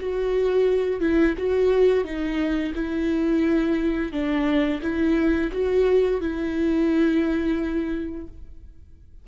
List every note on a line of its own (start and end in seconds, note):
0.00 1.01 F#4
1.01 1.35 E4
1.38 2.04 F#4
2.04 2.73 D#4
2.75 4.13 E4
4.13 4.82 D4
4.82 5.51 E4
5.52 6.21 F#4
6.21 8.28 E4